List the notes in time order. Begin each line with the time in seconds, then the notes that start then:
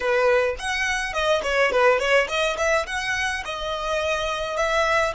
0.00 B4
0.58 F#5
1.13 D#5
1.43 C#5
1.71 B4
1.99 C#5
2.28 D#5
2.57 E5
2.86 F#5
3.44 D#5
4.57 E5